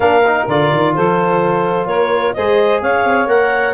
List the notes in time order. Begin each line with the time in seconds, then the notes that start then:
0.00 A#3 D4 A#4 F5
0.26 D#4
0.47 D3 F4 D5
0.72 D#3
0.95 F3 A4 C5
1.86 A#3 A#4 C#5
2.33 G#3 G#4 C5 D#5
2.81 C#4 C#5 F5
3.04 C4
3.26 A#3 A#4 F#5